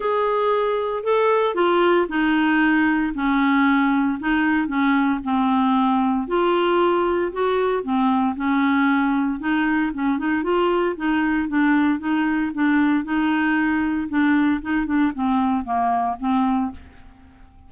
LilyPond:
\new Staff \with { instrumentName = "clarinet" } { \time 4/4 \tempo 4 = 115 gis'2 a'4 f'4 | dis'2 cis'2 | dis'4 cis'4 c'2 | f'2 fis'4 c'4 |
cis'2 dis'4 cis'8 dis'8 | f'4 dis'4 d'4 dis'4 | d'4 dis'2 d'4 | dis'8 d'8 c'4 ais4 c'4 | }